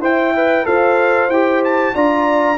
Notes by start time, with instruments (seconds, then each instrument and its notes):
0.00 tuba E4, trombone C5, horn E5, trumpet G5
0.36 trombone B4
0.65 tuba F4, trombone A4, horn C5, trumpet F5
1.29 tuba E4, trombone G4, trumpet G5
1.65 trumpet A5
1.95 tuba D4, trombone F4, horn D5, trumpet A#5